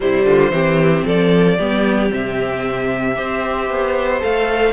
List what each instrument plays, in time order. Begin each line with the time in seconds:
0.00 cello C3, viola G3, violin E4 C5
0.24 cello D3, violin F4
0.50 cello E3, viola C4, violin G4
1.05 cello F3, violin A4 D5
1.57 cello G3, viola B3, violin G4
2.09 cello C3, viola C4, violin E5
3.15 cello C4, viola G4, violin C5
3.69 cello B3
4.20 cello A3, viola A4, violin F5